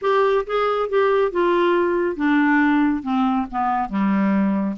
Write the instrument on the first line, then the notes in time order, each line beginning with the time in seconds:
clarinet
0.01 G4
0.46 G#4
0.89 G4
1.31 F4
2.16 D4
3.03 C4
3.51 B3
3.89 G3